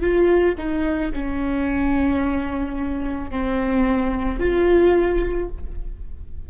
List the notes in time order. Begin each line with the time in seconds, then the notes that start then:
0.00 F4
0.57 D#4
1.13 C#4
3.30 C4
4.39 F4